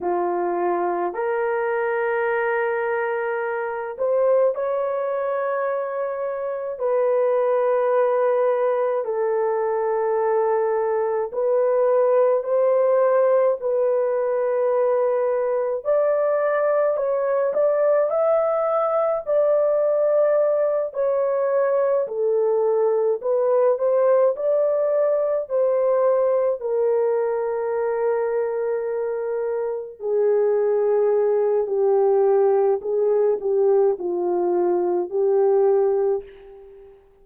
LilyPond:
\new Staff \with { instrumentName = "horn" } { \time 4/4 \tempo 4 = 53 f'4 ais'2~ ais'8 c''8 | cis''2 b'2 | a'2 b'4 c''4 | b'2 d''4 cis''8 d''8 |
e''4 d''4. cis''4 a'8~ | a'8 b'8 c''8 d''4 c''4 ais'8~ | ais'2~ ais'8 gis'4. | g'4 gis'8 g'8 f'4 g'4 | }